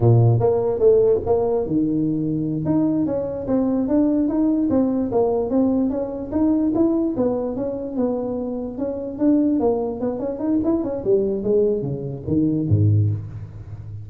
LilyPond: \new Staff \with { instrumentName = "tuba" } { \time 4/4 \tempo 4 = 147 ais,4 ais4 a4 ais4 | dis2~ dis8 dis'4 cis'8~ | cis'8 c'4 d'4 dis'4 c'8~ | c'8 ais4 c'4 cis'4 dis'8~ |
dis'8 e'4 b4 cis'4 b8~ | b4. cis'4 d'4 ais8~ | ais8 b8 cis'8 dis'8 e'8 cis'8 g4 | gis4 cis4 dis4 gis,4 | }